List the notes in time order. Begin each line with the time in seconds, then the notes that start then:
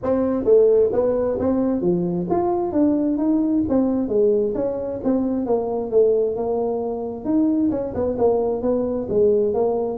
0.02 C4
0.44 A3
0.92 B3
1.39 C4
1.81 F3
2.30 F4
2.72 D4
3.17 D#4
3.68 C4
4.08 G#3
4.55 C#4
5.03 C4
5.45 A#3
5.90 A3
6.36 A#3
7.24 D#4
7.70 C#4
7.94 B3
8.18 A#3
8.62 B3
9.09 G#3
9.54 A#3